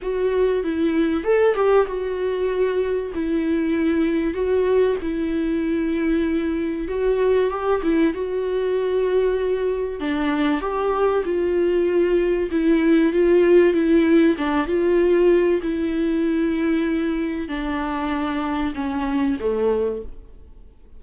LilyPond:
\new Staff \with { instrumentName = "viola" } { \time 4/4 \tempo 4 = 96 fis'4 e'4 a'8 g'8 fis'4~ | fis'4 e'2 fis'4 | e'2. fis'4 | g'8 e'8 fis'2. |
d'4 g'4 f'2 | e'4 f'4 e'4 d'8 f'8~ | f'4 e'2. | d'2 cis'4 a4 | }